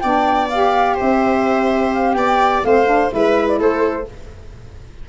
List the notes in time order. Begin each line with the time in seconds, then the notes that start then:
0.00 B3 D4 D5 G5
0.50 G4 F5
0.95 C5 E5
1.01 C4
1.94 F5
2.14 B3 D5 G5
2.63 A3 C4 C5 F5
2.86 D4
3.10 G#3 E4 B4 E5
3.48 D5
3.59 A3 A4 C5